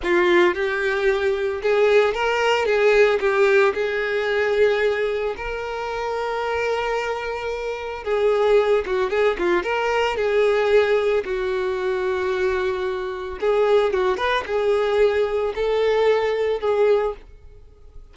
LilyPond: \new Staff \with { instrumentName = "violin" } { \time 4/4 \tempo 4 = 112 f'4 g'2 gis'4 | ais'4 gis'4 g'4 gis'4~ | gis'2 ais'2~ | ais'2. gis'4~ |
gis'8 fis'8 gis'8 f'8 ais'4 gis'4~ | gis'4 fis'2.~ | fis'4 gis'4 fis'8 b'8 gis'4~ | gis'4 a'2 gis'4 | }